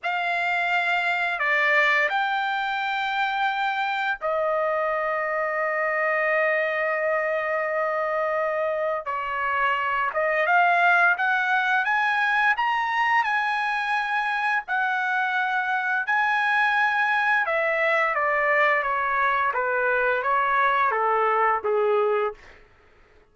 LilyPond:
\new Staff \with { instrumentName = "trumpet" } { \time 4/4 \tempo 4 = 86 f''2 d''4 g''4~ | g''2 dis''2~ | dis''1~ | dis''4 cis''4. dis''8 f''4 |
fis''4 gis''4 ais''4 gis''4~ | gis''4 fis''2 gis''4~ | gis''4 e''4 d''4 cis''4 | b'4 cis''4 a'4 gis'4 | }